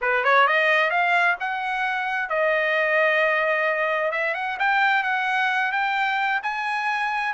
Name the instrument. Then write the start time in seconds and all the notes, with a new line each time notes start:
trumpet
0.01 B4
0.24 C#5
0.47 D#5
0.90 F5
1.40 F#5
2.29 D#5
4.11 E5
4.34 F#5
4.59 G5
5.03 F#5
5.72 G5
6.42 G#5